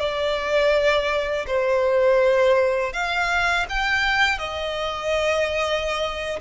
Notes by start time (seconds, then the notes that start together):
0.00 D5
1.47 C5
2.93 F5
3.70 G5
4.39 D#5